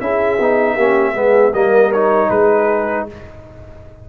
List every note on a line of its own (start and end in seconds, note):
0.00 0.39 C#4
0.00 0.38 E4
0.00 0.74 G#4
0.00 1.54 E5
0.40 0.76 B3
0.40 0.79 D#4
0.74 1.14 A#3
0.74 1.14 C#4
0.74 1.13 G4
1.14 1.52 G#3
1.14 1.52 B3
1.14 1.52 G#4
1.52 2.30 G3
1.52 1.93 A#3
1.52 2.29 A#4
1.52 1.92 D#5
1.92 3.09 D#4
1.92 2.29 C#5
2.29 3.07 G#3
2.29 3.07 G#4
2.29 3.06 B4